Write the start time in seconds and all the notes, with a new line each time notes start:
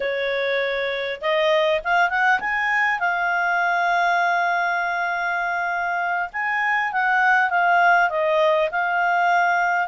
0.00 C#5
1.21 D#5
1.84 F5
2.09 F#5
2.40 G#5
2.99 F5
6.32 G#5
6.92 F#5
7.50 F5
8.09 D#5
8.71 F5